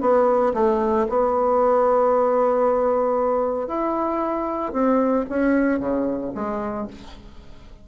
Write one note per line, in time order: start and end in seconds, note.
0.00 0.53 B3
0.54 1.06 A3
1.08 3.67 B3
3.67 4.72 E4
4.72 5.25 C4
5.29 5.79 C#4
5.79 6.32 C#3
6.34 6.87 G#3